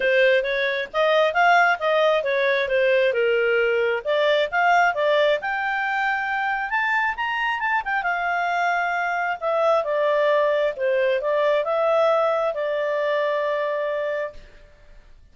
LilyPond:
\new Staff \with { instrumentName = "clarinet" } { \time 4/4 \tempo 4 = 134 c''4 cis''4 dis''4 f''4 | dis''4 cis''4 c''4 ais'4~ | ais'4 d''4 f''4 d''4 | g''2. a''4 |
ais''4 a''8 g''8 f''2~ | f''4 e''4 d''2 | c''4 d''4 e''2 | d''1 | }